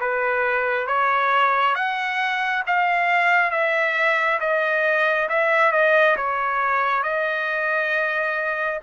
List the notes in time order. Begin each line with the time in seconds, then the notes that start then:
0.00 B4
0.87 C#5
1.75 F#5
2.66 F5
3.51 E5
4.40 D#5
5.29 E5
5.72 D#5
6.16 C#5
7.03 D#5